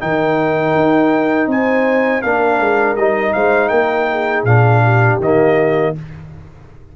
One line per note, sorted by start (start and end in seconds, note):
0.00 0.75 D#3
0.00 2.22 D#4
0.00 1.50 A#4
0.00 1.49 G5
0.75 1.47 D#4
1.47 2.21 C4
1.47 2.23 C5
1.47 2.22 G#5
2.22 2.59 A#3
2.22 2.97 D4
2.22 3.35 A#4
2.22 2.96 F5
2.59 2.96 G#3
2.96 3.33 G3
2.96 4.47 D#4
2.96 3.33 D#5
3.33 3.71 G#3
3.33 3.70 C5
3.33 3.69 F5
3.69 4.44 A#3
3.69 4.07 A#4
3.69 4.43 G5
4.11 4.83 G#4
4.44 5.18 A#2
4.44 5.21 D4
4.44 5.19 F5
4.83 5.94 G4
5.20 5.94 D#3
5.20 5.96 A#3
5.20 5.97 D#5